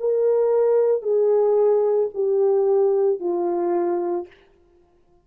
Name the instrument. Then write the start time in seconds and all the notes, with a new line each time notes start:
horn
0.00 A#4
1.02 G#4
2.15 G4
3.20 F4